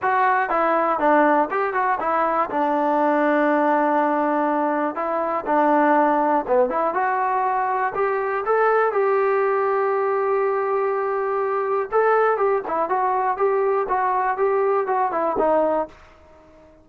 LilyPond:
\new Staff \with { instrumentName = "trombone" } { \time 4/4 \tempo 4 = 121 fis'4 e'4 d'4 g'8 fis'8 | e'4 d'2.~ | d'2 e'4 d'4~ | d'4 b8 e'8 fis'2 |
g'4 a'4 g'2~ | g'1 | a'4 g'8 e'8 fis'4 g'4 | fis'4 g'4 fis'8 e'8 dis'4 | }